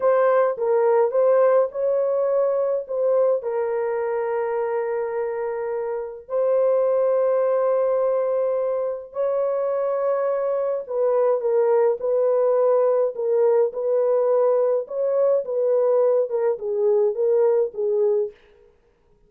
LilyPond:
\new Staff \with { instrumentName = "horn" } { \time 4/4 \tempo 4 = 105 c''4 ais'4 c''4 cis''4~ | cis''4 c''4 ais'2~ | ais'2. c''4~ | c''1 |
cis''2. b'4 | ais'4 b'2 ais'4 | b'2 cis''4 b'4~ | b'8 ais'8 gis'4 ais'4 gis'4 | }